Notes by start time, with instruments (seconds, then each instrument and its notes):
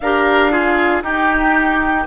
0.00 bassoon D4, clarinet G4, oboe A#4, flute F5
0.51 clarinet F4, oboe G#4
1.02 clarinet D#4, bassoon D#4, oboe G4, flute G5